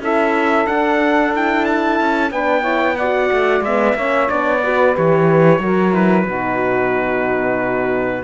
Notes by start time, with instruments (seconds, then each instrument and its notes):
0.00 cello C#4, horn E4, saxophone A4, trumpet E5
0.66 horn D4, cello D4, trumpet F#5
1.33 horn E4, trumpet G5
1.65 trumpet A5
2.00 cello C#4
2.31 cello B3, horn D4, saxophone B4, trumpet G5
2.61 horn E4, saxophone C#5
2.97 horn F#4, saxophone D5, trumpet F#5
3.32 cello A3
3.61 cello G#3, horn B3, trumpet E5
3.95 cello A#3, horn C#4, saxophone C#5
4.28 cello B3, horn D4, trumpet D5
4.62 horn F#4, saxophone B4
4.95 cello E3, horn G4, trumpet C#5
5.59 cello F#3, horn F#4, saxophone A#4
5.92 horn E4, trumpet B4
6.25 cello B2, horn D#4, saxophone F#4